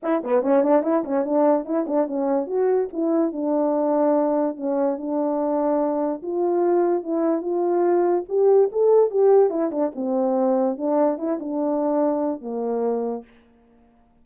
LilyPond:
\new Staff \with { instrumentName = "horn" } { \time 4/4 \tempo 4 = 145 e'8 b8 cis'8 d'8 e'8 cis'8 d'4 | e'8 d'8 cis'4 fis'4 e'4 | d'2. cis'4 | d'2. f'4~ |
f'4 e'4 f'2 | g'4 a'4 g'4 e'8 d'8 | c'2 d'4 e'8 d'8~ | d'2 ais2 | }